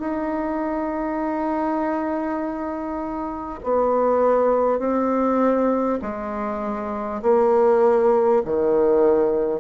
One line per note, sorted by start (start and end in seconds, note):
0.00 3.60 D#4
3.64 4.79 B3
4.79 5.99 C4
6.02 7.22 G#3
7.22 8.42 A#3
8.45 9.61 D#3